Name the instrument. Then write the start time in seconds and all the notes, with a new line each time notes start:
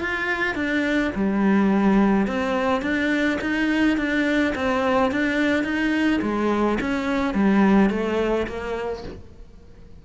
cello
0.00 F4
0.55 D4
1.15 G3
2.27 C4
2.82 D4
3.41 D#4
3.97 D4
4.54 C4
5.11 D4
5.63 D#4
6.22 G#3
6.80 C#4
7.34 G3
7.90 A3
8.47 A#3